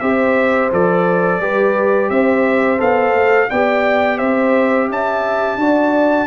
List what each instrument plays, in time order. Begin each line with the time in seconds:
0.00 tuba C4, trombone G4, horn C5, trumpet E5
0.72 tuba F3, trombone A4, trumpet D5
1.40 tuba G3, trombone G4, horn B4
2.10 tuba C4, horn C5, trumpet E5
2.78 tuba B3, trombone A4, trumpet F5
3.14 tuba A3
3.50 tuba B3, trombone G4, horn D5, trumpet G5
4.18 tuba C4, horn C5, trumpet E5
4.89 tuba C#4, horn E5, trumpet A5
5.57 tuba D4, trombone F#4, horn D5